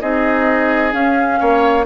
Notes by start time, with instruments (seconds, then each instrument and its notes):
0.00 bassoon C4, clarinet D#4, oboe G#4, flute D#5
0.92 clarinet C#4, bassoon C#4, flute F5
1.39 bassoon A#3, oboe C#5